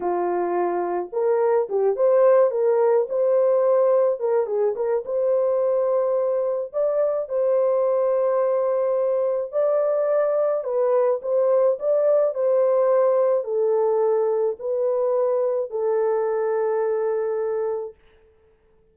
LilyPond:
\new Staff \with { instrumentName = "horn" } { \time 4/4 \tempo 4 = 107 f'2 ais'4 g'8 c''8~ | c''8 ais'4 c''2 ais'8 | gis'8 ais'8 c''2. | d''4 c''2.~ |
c''4 d''2 b'4 | c''4 d''4 c''2 | a'2 b'2 | a'1 | }